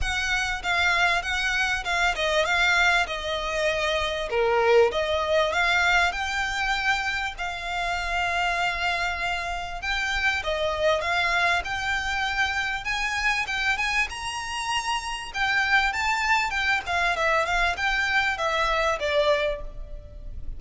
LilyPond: \new Staff \with { instrumentName = "violin" } { \time 4/4 \tempo 4 = 98 fis''4 f''4 fis''4 f''8 dis''8 | f''4 dis''2 ais'4 | dis''4 f''4 g''2 | f''1 |
g''4 dis''4 f''4 g''4~ | g''4 gis''4 g''8 gis''8 ais''4~ | ais''4 g''4 a''4 g''8 f''8 | e''8 f''8 g''4 e''4 d''4 | }